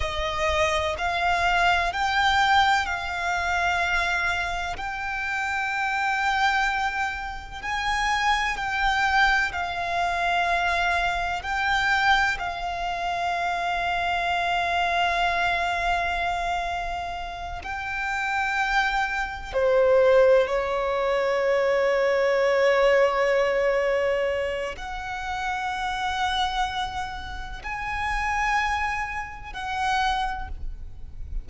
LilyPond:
\new Staff \with { instrumentName = "violin" } { \time 4/4 \tempo 4 = 63 dis''4 f''4 g''4 f''4~ | f''4 g''2. | gis''4 g''4 f''2 | g''4 f''2.~ |
f''2~ f''8 g''4.~ | g''8 c''4 cis''2~ cis''8~ | cis''2 fis''2~ | fis''4 gis''2 fis''4 | }